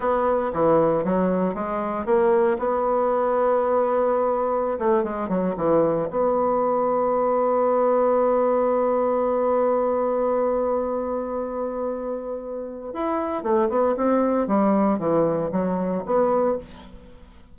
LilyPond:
\new Staff \with { instrumentName = "bassoon" } { \time 4/4 \tempo 4 = 116 b4 e4 fis4 gis4 | ais4 b2.~ | b4~ b16 a8 gis8 fis8 e4 b16~ | b1~ |
b1~ | b1~ | b4 e'4 a8 b8 c'4 | g4 e4 fis4 b4 | }